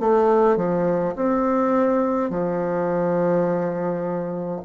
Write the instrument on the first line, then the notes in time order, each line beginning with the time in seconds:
bassoon
0.00 A3
0.57 F3
1.15 C4
2.30 F3